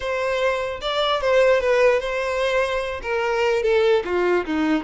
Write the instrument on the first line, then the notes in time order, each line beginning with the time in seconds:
violin
0.00 C5
0.81 D5
1.21 C5
1.60 B4
2.00 C5
3.02 A#4
3.63 A4
4.04 F4
4.45 D#4